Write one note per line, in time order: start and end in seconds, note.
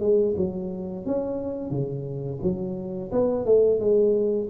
0.00 0.34 G#3
0.37 1.06 F#3
1.06 1.71 C#4
1.71 2.40 C#3
2.43 3.12 F#3
3.12 3.45 B3
3.45 3.80 A3
3.80 4.49 G#3